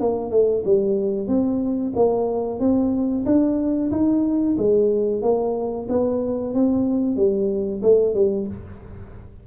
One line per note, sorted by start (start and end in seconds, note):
0.00 0.31 A#3
0.31 0.63 A3
0.65 1.28 G3
1.28 1.93 C4
1.96 2.60 A#3
2.60 3.25 C4
3.26 3.91 D4
3.91 4.57 D#4
4.58 5.22 G#3
5.22 5.87 A#3
5.89 6.54 B3
6.54 7.17 C4
7.17 7.82 G3
7.83 8.15 A3
8.15 8.47 G3